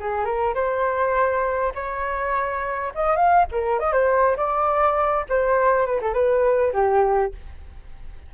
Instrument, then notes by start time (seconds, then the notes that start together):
flute
0.00 G#4
0.25 A#4
0.55 C5
1.75 C#5
2.95 D#5
3.16 F5
3.51 A#4
3.79 D#5
3.92 C5
4.37 D5
5.29 C5
5.86 B4
6.01 A4
6.14 B4
6.73 G4